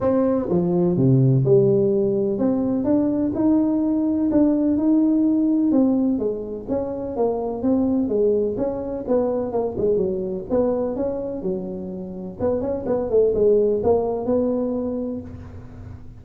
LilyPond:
\new Staff \with { instrumentName = "tuba" } { \time 4/4 \tempo 4 = 126 c'4 f4 c4 g4~ | g4 c'4 d'4 dis'4~ | dis'4 d'4 dis'2 | c'4 gis4 cis'4 ais4 |
c'4 gis4 cis'4 b4 | ais8 gis8 fis4 b4 cis'4 | fis2 b8 cis'8 b8 a8 | gis4 ais4 b2 | }